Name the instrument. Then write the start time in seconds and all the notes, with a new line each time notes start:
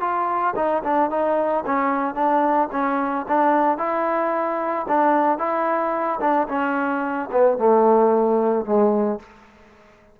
trombone
0.00 F4
0.56 D#4
0.83 D4
1.10 D#4
1.66 C#4
2.14 D4
2.72 C#4
3.28 D4
3.78 E4
4.88 D4
5.38 E4
6.20 D4
6.48 C#4
7.32 B3
7.58 A3
8.65 G#3